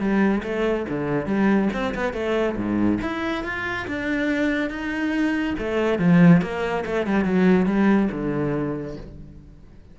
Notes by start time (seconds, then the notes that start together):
0.00 G3
0.44 A3
0.89 D3
1.26 G3
1.74 C4
1.95 B3
2.14 A3
2.57 G#2
3.02 E4
3.44 F4
3.88 D4
4.70 D#4
5.59 A3
5.99 F3
6.42 A#3
6.86 A3
7.07 G3
7.25 F#3
7.67 G3
8.12 D3